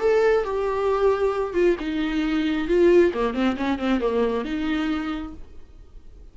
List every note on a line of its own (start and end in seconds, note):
0.00 0.44 A4
0.44 1.54 G4
1.54 1.76 F4
1.79 2.68 D#4
2.68 3.12 F4
3.14 3.34 A#3
3.34 3.56 C4
3.57 3.79 C#4
3.79 4.01 C4
4.01 4.45 A#3
4.45 5.34 D#4